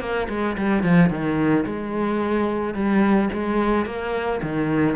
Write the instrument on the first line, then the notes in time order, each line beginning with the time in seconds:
cello
0.00 A#3
0.29 G#3
0.57 G3
0.83 F3
1.10 D#3
1.66 G#3
2.74 G3
3.33 G#3
3.86 A#3
4.42 D#3